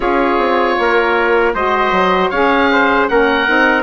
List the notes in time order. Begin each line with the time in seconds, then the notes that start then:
0.00 C#4 F4 G#4 C#5
0.37 C4
0.78 A#3 A#4
1.54 G#3 F#4 C5 D#5
1.91 F#3
2.29 C#4 G#4 C#5 F5
2.71 C5
3.08 A#3 C#4 A#4 F#5
3.47 C4 D#4